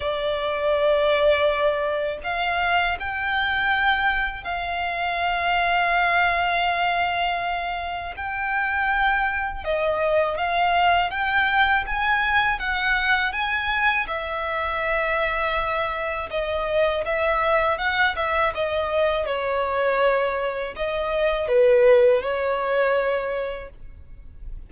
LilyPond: \new Staff \with { instrumentName = "violin" } { \time 4/4 \tempo 4 = 81 d''2. f''4 | g''2 f''2~ | f''2. g''4~ | g''4 dis''4 f''4 g''4 |
gis''4 fis''4 gis''4 e''4~ | e''2 dis''4 e''4 | fis''8 e''8 dis''4 cis''2 | dis''4 b'4 cis''2 | }